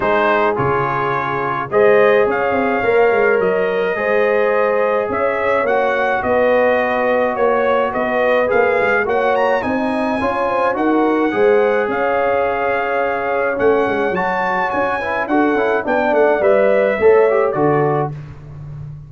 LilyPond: <<
  \new Staff \with { instrumentName = "trumpet" } { \time 4/4 \tempo 4 = 106 c''4 cis''2 dis''4 | f''2 dis''2~ | dis''4 e''4 fis''4 dis''4~ | dis''4 cis''4 dis''4 f''4 |
fis''8 ais''8 gis''2 fis''4~ | fis''4 f''2. | fis''4 a''4 gis''4 fis''4 | g''8 fis''8 e''2 d''4 | }
  \new Staff \with { instrumentName = "horn" } { \time 4/4 gis'2. c''4 | cis''2. c''4~ | c''4 cis''2 b'4~ | b'4 cis''4 b'2 |
cis''4 dis''4 cis''8 c''8 ais'4 | c''4 cis''2.~ | cis''2~ cis''8 b'8 a'4 | d''2 cis''4 a'4 | }
  \new Staff \with { instrumentName = "trombone" } { \time 4/4 dis'4 f'2 gis'4~ | gis'4 ais'2 gis'4~ | gis'2 fis'2~ | fis'2. gis'4 |
fis'4 dis'4 f'4 fis'4 | gis'1 | cis'4 fis'4. e'8 fis'8 e'8 | d'4 b'4 a'8 g'8 fis'4 | }
  \new Staff \with { instrumentName = "tuba" } { \time 4/4 gis4 cis2 gis4 | cis'8 c'8 ais8 gis8 fis4 gis4~ | gis4 cis'4 ais4 b4~ | b4 ais4 b4 ais8 gis8 |
ais4 c'4 cis'4 dis'4 | gis4 cis'2. | a8 gis8 fis4 cis'4 d'8 cis'8 | b8 a8 g4 a4 d4 | }
>>